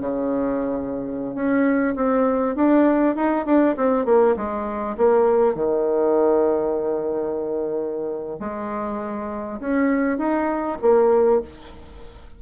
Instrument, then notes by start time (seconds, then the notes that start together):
bassoon
0.00 C#3
1.34 C#4
1.95 C4
2.55 D4
3.15 D#4
3.45 D4
3.76 C4
4.05 A#3
4.36 G#3
4.97 A#3
5.54 D#3
8.39 G#3
9.60 C#4
10.18 D#4
10.81 A#3